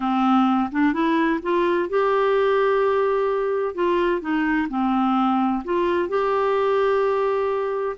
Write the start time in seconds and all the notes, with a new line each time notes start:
0.00 C4
0.71 D4
0.93 E4
1.42 F4
1.89 G4
3.74 F4
4.21 D#4
4.69 C4
5.64 F4
6.08 G4